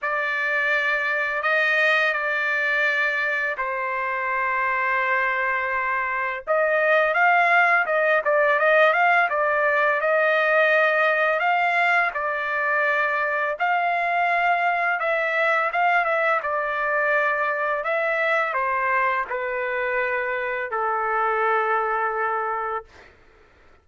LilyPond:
\new Staff \with { instrumentName = "trumpet" } { \time 4/4 \tempo 4 = 84 d''2 dis''4 d''4~ | d''4 c''2.~ | c''4 dis''4 f''4 dis''8 d''8 | dis''8 f''8 d''4 dis''2 |
f''4 d''2 f''4~ | f''4 e''4 f''8 e''8 d''4~ | d''4 e''4 c''4 b'4~ | b'4 a'2. | }